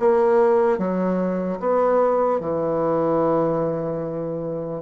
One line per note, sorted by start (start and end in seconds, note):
0.00 0.79 A#3
0.79 1.60 F#3
1.60 2.41 B3
2.41 4.82 E3